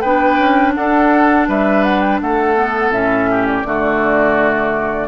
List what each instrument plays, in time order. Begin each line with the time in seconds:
0.00 bassoon B3, clarinet D4, oboe B4, flute G5
0.39 bassoon C#4
0.75 bassoon D4, oboe A4, flute F#5
1.48 bassoon G3, oboe B4, flute E5
1.84 flute F#5
2.01 flute G5
2.21 bassoon A3, oboe A4, flute F#5
2.57 clarinet B3
2.90 bassoon A2, clarinet C#4, flute E5
3.31 oboe G4
3.47 flute D5
3.64 bassoon D3, clarinet A3, oboe F#4